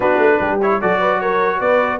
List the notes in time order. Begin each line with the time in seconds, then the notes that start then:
0.00 B3 D4 F#4 B4
0.18 A3
0.39 G3 G4
0.61 E4 C#5
0.81 F#3 F#4 A4 D5
0.99 B4
1.20 A#4 C#5
1.59 B3 B4 D5